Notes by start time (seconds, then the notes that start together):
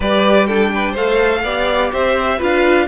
0.00 G3 G4 B4 D5
0.46 D4 A4 G5
0.75 B4
0.92 A3 A4 C5 F5
1.43 B3 G4 D5
1.92 C4 C5 E5
2.37 D4 F4 B4 F5